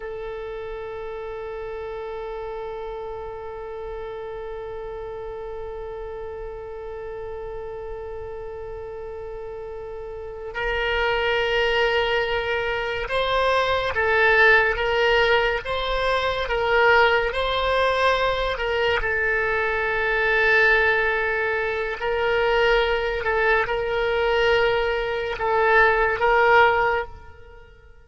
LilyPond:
\new Staff \with { instrumentName = "oboe" } { \time 4/4 \tempo 4 = 71 a'1~ | a'1~ | a'1~ | a'8 ais'2. c''8~ |
c''8 a'4 ais'4 c''4 ais'8~ | ais'8 c''4. ais'8 a'4.~ | a'2 ais'4. a'8 | ais'2 a'4 ais'4 | }